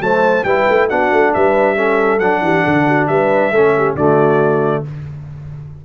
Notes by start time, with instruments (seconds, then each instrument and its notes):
0.00 tuba F#3, trombone A3, horn C5, trumpet A5
0.44 tuba G3, trombone E4, horn B4, trumpet G5
0.69 tuba A3
0.88 tuba B3, trombone D4, horn F#4, trumpet F#5
1.12 tuba A3
1.34 tuba G3, horn B4, trumpet E5
1.76 trombone C#4, horn A4
2.19 tuba F#3, trombone D4, trumpet F#5
2.41 tuba E3, horn G4
2.64 tuba D3, horn A4
2.87 horn F#4
3.07 tuba G3, horn B4, trumpet E5
3.51 tuba A3, trombone C#4, horn A4
3.77 horn G4
3.95 tuba D3, trombone A3, horn F#4, trumpet D5